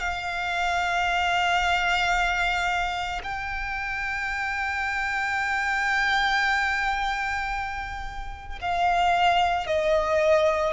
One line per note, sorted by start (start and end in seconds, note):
0.00 3.21 F5
3.23 8.59 G5
8.61 9.67 F5
9.67 10.73 D#5